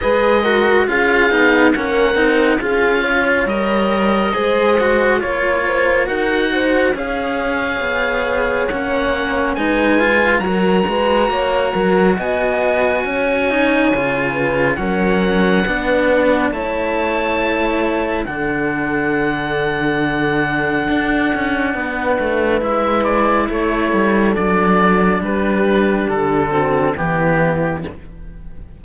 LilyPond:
<<
  \new Staff \with { instrumentName = "oboe" } { \time 4/4 \tempo 4 = 69 dis''4 f''4 fis''4 f''4 | dis''2 cis''4 fis''4 | f''2 fis''4 gis''4 | ais''2 gis''2~ |
gis''4 fis''2 a''4~ | a''4 fis''2.~ | fis''2 e''8 d''8 cis''4 | d''4 b'4 a'4 g'4 | }
  \new Staff \with { instrumentName = "horn" } { \time 4/4 b'8 ais'8 gis'4 ais'4 gis'8 cis''8~ | cis''4 c''4 cis''8 c''8 ais'8 c''8 | cis''2. b'4 | ais'8 b'8 cis''8 ais'8 dis''4 cis''4~ |
cis''8 b'8 ais'4 b'4 cis''4~ | cis''4 a'2.~ | a'4 b'2 a'4~ | a'4 g'4. fis'8 e'4 | }
  \new Staff \with { instrumentName = "cello" } { \time 4/4 gis'8 fis'8 f'8 dis'8 cis'8 dis'8 f'4 | ais'4 gis'8 fis'8 f'4 fis'4 | gis'2 cis'4 dis'8 f'8 | fis'2.~ fis'8 dis'8 |
f'4 cis'4 d'4 e'4~ | e'4 d'2.~ | d'2 e'2 | d'2~ d'8 c'8 b4 | }
  \new Staff \with { instrumentName = "cello" } { \time 4/4 gis4 cis'8 b8 ais8 c'8 cis'4 | g4 gis4 ais4 dis'4 | cis'4 b4 ais4 gis4 | fis8 gis8 ais8 fis8 b4 cis'4 |
cis4 fis4 b4 a4~ | a4 d2. | d'8 cis'8 b8 a8 gis4 a8 g8 | fis4 g4 d4 e4 | }
>>